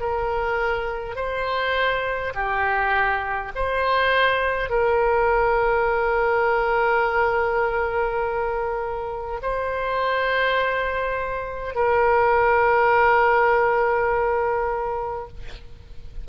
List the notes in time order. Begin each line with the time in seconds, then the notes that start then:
0.00 A#4
1.16 C5
2.35 G4
3.56 C5
4.70 A#4
9.42 C5
11.75 A#4